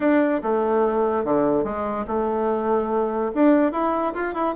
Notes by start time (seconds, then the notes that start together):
0.00 D4
0.43 A3
1.24 D3
1.64 G#3
2.07 A3
3.34 D4
3.72 E4
4.14 F4
4.34 E4